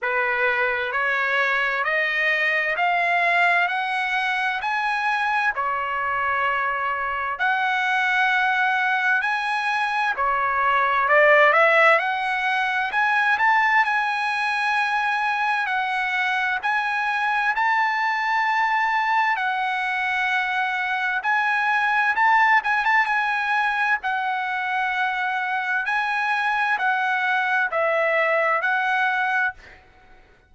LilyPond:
\new Staff \with { instrumentName = "trumpet" } { \time 4/4 \tempo 4 = 65 b'4 cis''4 dis''4 f''4 | fis''4 gis''4 cis''2 | fis''2 gis''4 cis''4 | d''8 e''8 fis''4 gis''8 a''8 gis''4~ |
gis''4 fis''4 gis''4 a''4~ | a''4 fis''2 gis''4 | a''8 gis''16 a''16 gis''4 fis''2 | gis''4 fis''4 e''4 fis''4 | }